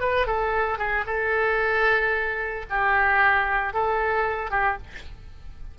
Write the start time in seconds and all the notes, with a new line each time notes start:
0.00 B4
0.27 A4
0.78 G#4
1.06 A4
2.70 G4
3.73 A4
4.51 G4